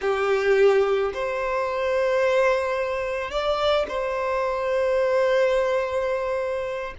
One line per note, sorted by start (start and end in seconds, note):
0.01 1.12 G4
1.13 3.30 C5
3.30 3.86 D5
3.88 6.94 C5